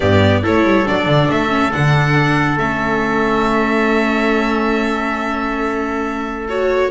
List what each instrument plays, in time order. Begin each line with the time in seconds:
0.00 double bass G2, viola B3, trumpet G4, violin D5
0.43 double bass A3, viola E4, trumpet A4, violin C#5
0.64 double bass G3
0.85 double bass F#3, viola D4, violin D5
1.06 double bass D3
1.30 double bass A3, violin E5
1.48 viola C#4
1.72 double bass D3, viola D4, violin F#5
2.57 double bass A3, viola C#4, violin E5
6.48 viola F#4, violin C#5